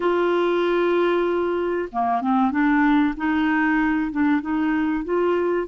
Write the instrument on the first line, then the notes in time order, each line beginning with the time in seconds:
clarinet
0.00 F4
1.91 A#3
2.21 C4
2.51 D4
3.17 D#4
4.11 D4
4.41 D#4
5.04 F4